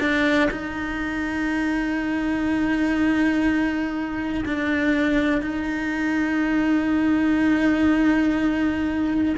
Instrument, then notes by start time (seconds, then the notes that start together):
cello
0.00 D4
0.51 D#4
4.45 D4
5.41 D#4